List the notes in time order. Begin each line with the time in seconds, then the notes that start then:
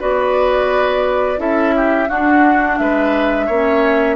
0.00 B3 F#4 B4 D5
1.37 C#4 E4 A4 E5
1.76 G4
2.09 D4 F#4 F#5
2.78 G#3 B4 E5
3.47 A#3 C#4 C#5